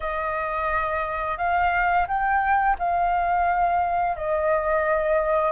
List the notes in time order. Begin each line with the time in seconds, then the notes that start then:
0.00 D#5
1.37 F5
2.07 G5
2.78 F5
4.16 D#5